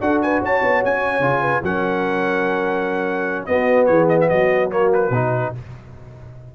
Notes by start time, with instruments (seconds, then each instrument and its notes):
0.00 tuba D4, trombone F#4, horn A4, trumpet F#5
0.21 horn B4, trumpet G#5
0.41 tuba C#4, horn C#5, trumpet A5
0.62 tuba B3
0.84 tuba C#4, trumpet G#5
1.19 tuba C#3, trombone F4
1.41 horn B4
1.62 tuba F#3, trombone C#4, horn A#4, trumpet F#5
3.45 trombone B3, tuba B3, horn F#4, trumpet D#5
3.85 tuba E3, horn G#4, trumpet C#5
4.08 trumpet D#5
4.20 trumpet E5
4.28 tuba F#3, horn F#4, trumpet D#5
4.70 trombone A#3, trumpet C#5
4.93 trumpet B4
5.10 tuba B2, trombone D#4